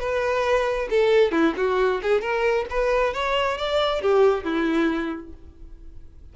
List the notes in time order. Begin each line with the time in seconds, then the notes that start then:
0.00 B4
0.91 A4
1.32 E4
1.57 F#4
2.03 G#4
2.22 A#4
2.70 B4
3.14 C#5
3.58 D5
4.02 G4
4.45 E4